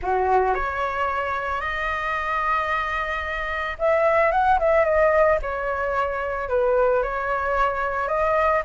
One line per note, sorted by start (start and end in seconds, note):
0.02 0.54 F#4
0.54 1.61 C#5
1.61 3.77 D#5
3.78 4.31 E5
4.31 4.58 F#5
4.59 4.84 E5
4.84 5.38 D#5
5.42 6.48 C#5
6.48 7.02 B4
7.02 8.08 C#5
8.08 8.62 D#5